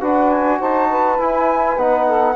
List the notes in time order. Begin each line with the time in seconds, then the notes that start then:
0.00 D4 F#4 B4 F#5
0.30 G#5
0.60 D#4 C5 A5
0.90 B4
1.18 E4 G#5
1.77 B3 D#4 F#5
2.06 A4